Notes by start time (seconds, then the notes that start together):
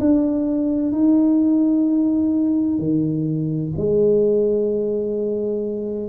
0.00 D4
0.92 D#4
2.79 D#3
3.78 G#3